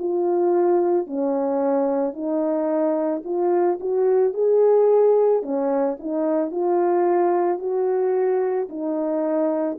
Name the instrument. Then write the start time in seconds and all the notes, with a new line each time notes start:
horn
0.00 F4
1.07 C#4
2.14 D#4
3.25 F4
3.80 F#4
4.34 G#4
5.43 C#4
6.00 D#4
6.52 F4
7.59 F#4
8.70 D#4